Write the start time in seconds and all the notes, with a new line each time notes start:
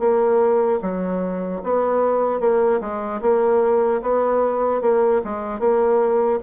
0.00 A#3
0.82 F#3
1.64 B3
2.40 A#3
2.81 G#3
3.22 A#3
4.02 B3
4.82 A#3
5.24 G#3
5.60 A#3